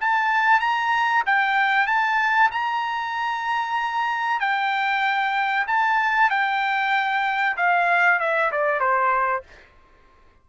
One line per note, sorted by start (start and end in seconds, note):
0.00 0.60 A5
0.60 1.23 A#5
1.26 1.86 G5
1.86 2.49 A5
2.51 4.40 A#5
4.40 5.66 G5
5.67 6.30 A5
6.30 7.56 G5
7.56 8.19 F5
8.19 8.51 E5
8.51 8.80 D5
8.80 9.43 C5